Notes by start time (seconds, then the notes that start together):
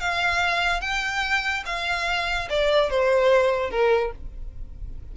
0.00 F5
0.81 G5
1.66 F5
2.49 D5
2.90 C5
3.70 A#4